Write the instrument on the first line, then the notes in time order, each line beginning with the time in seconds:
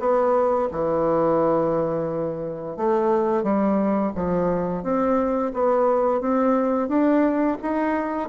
bassoon
0.00 B3
0.72 E3
2.77 A3
3.44 G3
4.15 F3
4.83 C4
5.54 B3
6.21 C4
6.89 D4
7.62 D#4